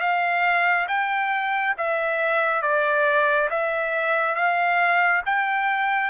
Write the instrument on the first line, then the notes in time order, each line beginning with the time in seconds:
trumpet
0.00 F5
0.88 G5
1.77 E5
2.62 D5
3.50 E5
4.35 F5
5.26 G5